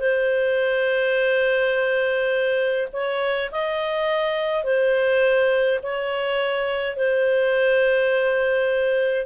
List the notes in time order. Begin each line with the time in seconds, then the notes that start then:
0.00 C5
2.93 C#5
3.51 D#5
4.64 C5
5.83 C#5
6.97 C5